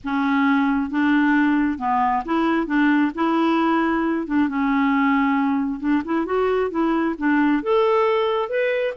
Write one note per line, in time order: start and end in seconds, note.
0.03 0.90 C#4
0.90 1.78 D4
1.78 2.23 B3
2.25 2.66 E4
2.66 3.11 D4
3.14 4.26 E4
4.26 4.48 D4
4.48 5.80 C#4
5.80 6.02 D4
6.04 6.25 E4
6.25 6.70 F#4
6.70 7.15 E4
7.18 7.62 D4
7.62 8.49 A4
8.49 8.93 B4